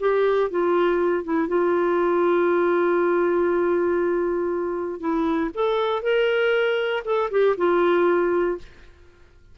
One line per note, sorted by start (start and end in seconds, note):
0.00 0.50 G4
0.50 1.24 F4
1.24 1.48 E4
1.48 5.00 F4
5.00 5.50 E4
5.55 6.02 A4
6.02 7.03 A#4
7.05 7.30 A4
7.31 7.56 G4
7.57 8.58 F4